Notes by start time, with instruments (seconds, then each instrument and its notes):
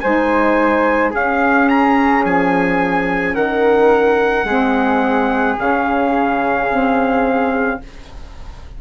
0.00 bassoon G#3, saxophone D#4, flute C5, trumpet G#5
1.11 saxophone C#4, bassoon C#4, flute G#4, trumpet F5
1.69 trumpet A#5
2.25 bassoon F3, trumpet G#5
3.34 bassoon D#3, flute A#4, trumpet F#5
4.44 bassoon G#3, saxophone C4, flute G#4
5.57 bassoon C#3, saxophone C#4, trumpet F5
6.70 saxophone C4